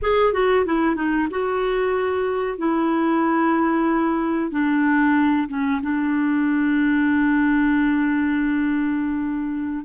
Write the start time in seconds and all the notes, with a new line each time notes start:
0.02 G#4
0.33 F#4
0.65 E4
0.95 D#4
1.30 F#4
2.58 E4
4.51 D4
5.48 C#4
5.82 D4